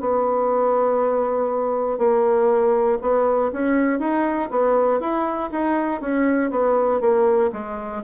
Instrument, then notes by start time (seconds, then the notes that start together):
bassoon
0.00 B3
1.98 A#3
3.01 B3
3.52 C#4
3.99 D#4
4.51 B3
5.00 E4
5.51 D#4
6.01 C#4
6.51 B3
7.01 A#3
7.53 G#3